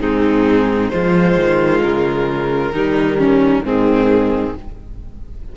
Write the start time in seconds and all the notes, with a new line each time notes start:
0.00 G#2 C4 D#4 G#4
0.89 F3 G#3 F4 C5
1.36 D#3
1.83 C#3 A#4
2.72 D#3 G3 D#4
3.19 C#4
3.64 G#2 D#3 C4 G#4